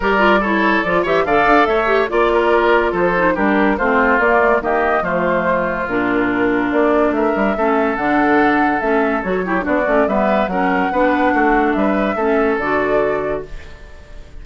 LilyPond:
<<
  \new Staff \with { instrumentName = "flute" } { \time 4/4 \tempo 4 = 143 d''4 cis''4 d''8 e''8 f''4 | e''4 d''2 c''4 | ais'4 c''4 d''4 dis''4 | c''2 ais'2 |
d''4 e''2 fis''4~ | fis''4 e''4 cis''4 d''4 | e''4 fis''2. | e''2 d''2 | }
  \new Staff \with { instrumentName = "oboe" } { \time 4/4 ais'4 a'4. cis''8 d''4 | cis''4 d''8 ais'4. a'4 | g'4 f'2 g'4 | f'1~ |
f'4 ais'4 a'2~ | a'2~ a'8 g'8 fis'4 | b'4 ais'4 b'4 fis'4 | b'4 a'2. | }
  \new Staff \with { instrumentName = "clarinet" } { \time 4/4 g'8 f'8 e'4 f'8 g'8 a'4~ | a'8 g'8 f'2~ f'8 dis'8 | d'4 c'4 ais8 a8 ais4 | a2 d'2~ |
d'2 cis'4 d'4~ | d'4 cis'4 fis'8 e'8 d'8 cis'8 | b4 cis'4 d'2~ | d'4 cis'4 fis'2 | }
  \new Staff \with { instrumentName = "bassoon" } { \time 4/4 g2 f8 e8 d8 d'8 | a4 ais2 f4 | g4 a4 ais4 dis4 | f2 ais,2 |
ais4 a8 g8 a4 d4~ | d4 a4 fis4 b8 a8 | g4 fis4 b4 a4 | g4 a4 d2 | }
>>